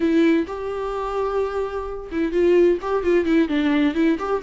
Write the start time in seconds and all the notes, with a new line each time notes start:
0.00 E4
0.47 G4
2.11 E4
2.32 F4
2.81 G4
3.03 F4
3.25 E4
3.48 D4
3.94 E4
4.18 G4